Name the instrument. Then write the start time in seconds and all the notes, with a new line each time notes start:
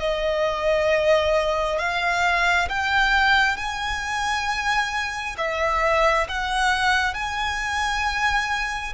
violin
0.00 D#5
1.79 F5
2.69 G5
3.57 G#5
5.38 E5
6.28 F#5
7.14 G#5